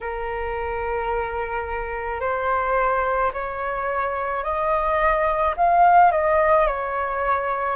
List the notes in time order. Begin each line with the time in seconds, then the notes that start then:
0.00 A#4
2.20 C5
3.33 C#5
4.43 D#5
5.56 F5
6.11 D#5
6.67 C#5